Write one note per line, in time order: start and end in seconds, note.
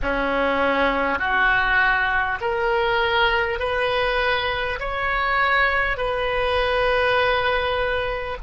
0.02 1.18 C#4
1.18 2.38 F#4
2.40 3.59 A#4
3.59 4.79 B4
4.79 5.97 C#5
5.97 8.37 B4